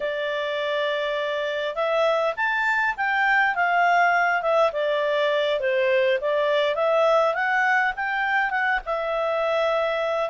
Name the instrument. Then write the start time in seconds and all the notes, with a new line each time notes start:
clarinet
0.00 D5
1.75 E5
2.36 A5
2.96 G5
3.55 F5
4.41 E5
4.72 D5
5.59 C5
6.20 D5
6.75 E5
7.34 F#5
7.95 G5
8.50 F#5
8.85 E5